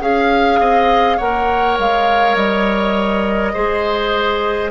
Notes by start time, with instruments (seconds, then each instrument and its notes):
0.00 bassoon C#4, clarinet G#4, oboe F5, flute F5
0.59 bassoon C4, oboe D#5
1.17 bassoon A#3, clarinet A#4, oboe C#5, flute F#5
1.79 bassoon G#3, flute F5
2.36 bassoon G3, flute D#5
3.53 bassoon G#3, clarinet G#4, oboe C5